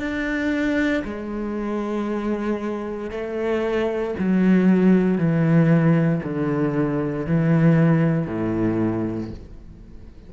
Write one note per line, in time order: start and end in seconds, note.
0.00 1.03 D4
1.04 3.11 G#3
3.11 4.14 A3
4.19 5.18 F#3
5.18 6.22 E3
6.24 7.26 D3
7.26 8.27 E3
8.27 9.31 A2